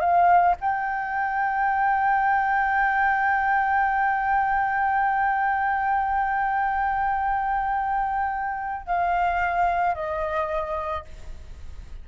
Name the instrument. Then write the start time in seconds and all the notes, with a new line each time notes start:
flute
0.00 F5
0.60 G5
8.86 F5
9.94 D#5